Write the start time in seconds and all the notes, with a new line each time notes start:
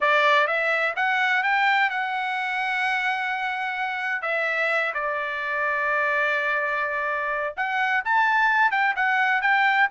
0.01 D5
0.47 E5
0.96 F#5
1.43 G5
1.90 F#5
4.22 E5
4.94 D5
7.57 F#5
8.04 A5
8.71 G5
8.96 F#5
9.41 G5